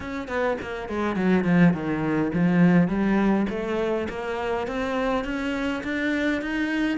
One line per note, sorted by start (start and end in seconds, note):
0.00 0.28 C#4
0.28 0.57 B3
0.61 0.88 A#3
0.88 1.16 G#3
1.16 1.44 F#3
1.44 1.73 F3
1.73 2.31 D#3
2.33 2.88 F3
2.88 3.46 G3
3.50 4.08 A3
4.09 4.67 A#3
4.67 5.24 C4
5.24 5.83 C#4
5.83 6.41 D4
6.41 6.97 D#4